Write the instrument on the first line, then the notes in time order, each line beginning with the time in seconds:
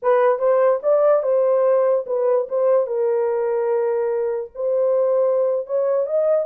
horn
0.02 B4
0.38 C5
0.82 D5
1.23 C5
2.06 B4
2.48 C5
2.86 A#4
4.54 C5
5.66 C#5
6.06 D#5